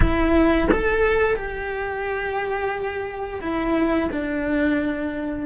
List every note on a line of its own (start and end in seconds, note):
0.00 0.68 E4
0.71 1.36 A4
1.36 3.40 G4
3.41 4.09 E4
4.11 5.45 D4